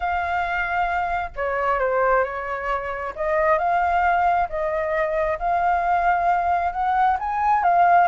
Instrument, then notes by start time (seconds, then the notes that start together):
flute
0.00 F5
1.36 C#5
1.79 C5
2.24 C#5
3.15 D#5
3.58 F5
4.49 D#5
5.39 F5
6.72 F#5
7.19 G#5
7.63 F5